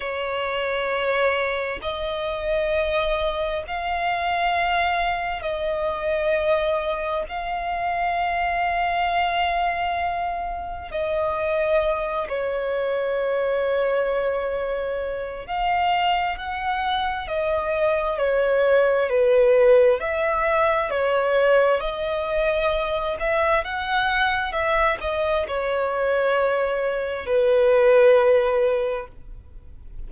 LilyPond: \new Staff \with { instrumentName = "violin" } { \time 4/4 \tempo 4 = 66 cis''2 dis''2 | f''2 dis''2 | f''1 | dis''4. cis''2~ cis''8~ |
cis''4 f''4 fis''4 dis''4 | cis''4 b'4 e''4 cis''4 | dis''4. e''8 fis''4 e''8 dis''8 | cis''2 b'2 | }